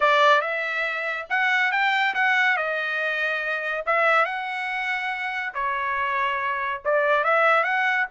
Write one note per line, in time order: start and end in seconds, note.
0.00 0.41 D5
0.41 1.26 E5
1.29 1.71 F#5
1.71 2.14 G5
2.14 2.56 F#5
2.56 3.84 D#5
3.85 4.25 E5
4.25 5.53 F#5
5.53 6.81 C#5
6.84 7.24 D5
7.24 7.63 E5
7.63 8.06 F#5